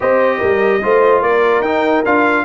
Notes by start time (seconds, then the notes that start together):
0.00 C4 G4 C5 D#5
0.38 G3 A#4
0.82 A3 F4 C5
1.21 A#3 A#4 D5
1.60 D#4 G5
2.05 D4 F4 F5